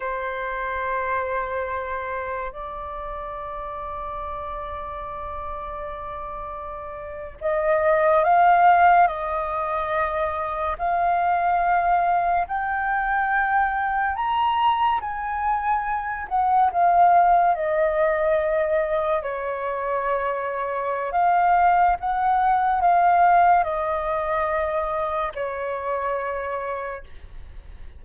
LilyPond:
\new Staff \with { instrumentName = "flute" } { \time 4/4 \tempo 4 = 71 c''2. d''4~ | d''1~ | d''8. dis''4 f''4 dis''4~ dis''16~ | dis''8. f''2 g''4~ g''16~ |
g''8. ais''4 gis''4. fis''8 f''16~ | f''8. dis''2 cis''4~ cis''16~ | cis''4 f''4 fis''4 f''4 | dis''2 cis''2 | }